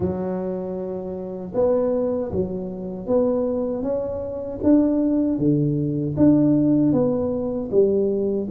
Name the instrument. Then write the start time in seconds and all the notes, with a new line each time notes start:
tuba
0.00 F#3
1.54 B3
2.31 F#3
3.06 B3
3.83 C#4
4.63 D4
5.38 D3
6.16 D4
6.92 B3
7.71 G3